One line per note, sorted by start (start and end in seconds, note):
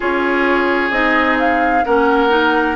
0.00 0.90 C#4
0.00 0.92 F4
0.00 1.84 G#4
0.00 0.91 C#5
0.90 1.82 C4
0.90 1.84 D#4
0.90 1.37 D#5
1.39 1.84 F5
1.84 2.76 A#3
1.84 2.29 C#4
1.84 2.76 A#4
1.84 2.76 F#5
2.29 2.75 D#4